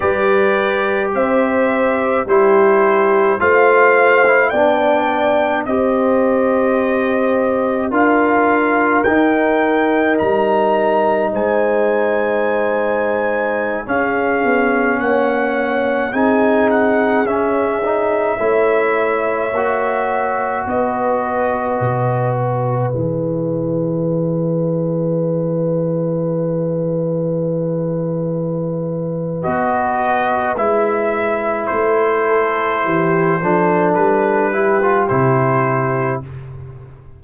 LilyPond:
<<
  \new Staff \with { instrumentName = "trumpet" } { \time 4/4 \tempo 4 = 53 d''4 e''4 c''4 f''4 | g''4 dis''2 f''4 | g''4 ais''4 gis''2~ | gis''16 f''4 fis''4 gis''8 fis''8 e''8.~ |
e''2~ e''16 dis''4. e''16~ | e''1~ | e''2 dis''4 e''4 | c''2 b'4 c''4 | }
  \new Staff \with { instrumentName = "horn" } { \time 4/4 b'4 c''4 g'4 c''4 | d''4 c''2 ais'4~ | ais'2 c''2~ | c''16 gis'4 cis''4 gis'4.~ gis'16~ |
gis'16 cis''2 b'4.~ b'16~ | b'1~ | b'1~ | b'8 a'8 g'8 a'4 g'4. | }
  \new Staff \with { instrumentName = "trombone" } { \time 4/4 g'2 e'4 f'8. e'16 | d'4 g'2 f'4 | dis'1~ | dis'16 cis'2 dis'4 cis'8 dis'16~ |
dis'16 e'4 fis'2~ fis'8.~ | fis'16 gis'2.~ gis'8.~ | gis'2 fis'4 e'4~ | e'4. d'4 e'16 f'16 e'4 | }
  \new Staff \with { instrumentName = "tuba" } { \time 4/4 g4 c'4 g4 a4 | b4 c'2 d'4 | dis'4 g4 gis2~ | gis16 cis'8 b8 ais4 c'4 cis'8.~ |
cis'16 a4 ais4 b4 b,8.~ | b,16 e2.~ e8.~ | e2 b4 gis4 | a4 e8 f8 g4 c4 | }
>>